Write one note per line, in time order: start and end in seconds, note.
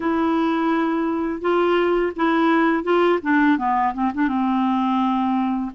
0.00 1.41 E4
1.41 2.12 F4
2.16 2.83 E4
2.83 3.19 F4
3.22 3.57 D4
3.57 3.93 B3
3.94 4.11 C4
4.14 4.28 D4
4.28 5.70 C4